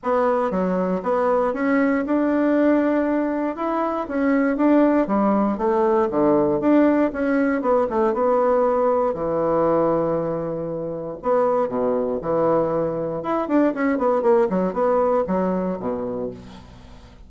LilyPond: \new Staff \with { instrumentName = "bassoon" } { \time 4/4 \tempo 4 = 118 b4 fis4 b4 cis'4 | d'2. e'4 | cis'4 d'4 g4 a4 | d4 d'4 cis'4 b8 a8 |
b2 e2~ | e2 b4 b,4 | e2 e'8 d'8 cis'8 b8 | ais8 fis8 b4 fis4 b,4 | }